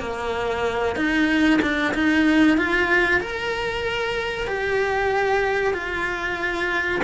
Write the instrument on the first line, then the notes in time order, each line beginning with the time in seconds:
cello
0.00 A#3
0.96 D#4
1.62 D4
1.94 D#4
2.58 F4
3.21 A#4
4.48 G4
5.74 F4